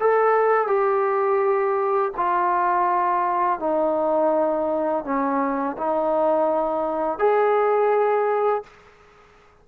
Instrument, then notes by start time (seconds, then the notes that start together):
trombone
0.00 A4
0.67 G4
2.17 F4
3.60 D#4
5.04 C#4
5.78 D#4
7.19 G#4